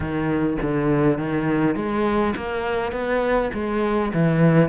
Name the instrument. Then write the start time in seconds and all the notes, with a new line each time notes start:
cello
0.00 D#3
0.61 D3
1.17 D#3
1.75 G#3
2.36 A#3
2.91 B3
3.53 G#3
4.13 E3